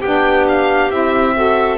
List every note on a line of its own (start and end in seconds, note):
0.00 0.90 B3
0.00 0.91 D4
0.00 1.32 G4
0.00 0.45 G5
0.48 0.91 F5
0.90 1.77 C4
0.90 1.35 E4
0.90 1.77 E5
1.35 1.77 F#4
1.35 1.77 A4